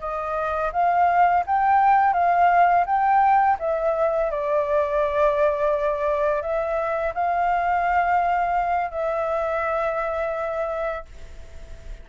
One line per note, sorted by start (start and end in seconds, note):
0.00 0.71 D#5
0.72 1.44 F5
1.46 2.13 G5
2.13 2.85 F5
2.86 3.57 G5
3.59 4.31 E5
4.31 6.42 D5
6.42 7.13 E5
7.15 8.91 F5
8.91 11.05 E5